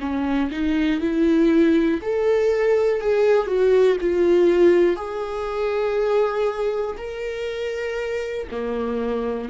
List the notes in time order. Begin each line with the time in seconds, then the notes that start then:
0.00 C#4
0.51 D#4
1.00 E4
2.01 A4
3.00 G#4
3.47 F#4
4.00 F4
4.96 G#4
6.97 A#4
8.50 A#3